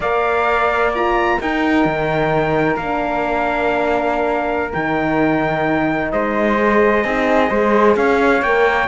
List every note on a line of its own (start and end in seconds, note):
0.00 1.37 A#3
0.00 0.93 A#4
0.00 1.37 D5
0.00 0.93 F5
0.94 1.39 F4
0.94 1.40 A#5
1.39 2.77 D#4
1.39 1.85 D#4
1.39 6.12 A#4
1.39 2.76 G5
1.85 2.76 D#3
2.76 4.72 A#3
2.76 4.73 D4
2.76 4.72 F5
4.73 6.12 D#3
4.73 6.58 D#4
4.73 6.11 G5
6.11 7.04 G#3
6.11 7.03 C5
6.11 7.96 D#5
6.59 7.05 G#4
7.03 7.50 C4
7.03 7.48 D#4
7.03 7.49 G#4
7.48 7.96 G#3
7.48 8.40 G#4
7.48 7.95 C5
7.96 8.42 C#4
7.96 8.88 C#5
7.96 8.42 F5
8.42 8.88 A#3
8.42 8.88 A#4
8.42 8.88 G5